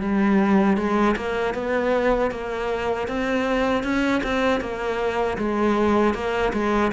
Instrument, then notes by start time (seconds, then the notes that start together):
cello
0.00 G3
0.77 G#3
1.16 A#3
1.54 B3
2.30 A#3
3.07 C4
3.83 C#4
4.23 C4
4.60 A#3
5.37 G#3
6.14 A#3
6.52 G#3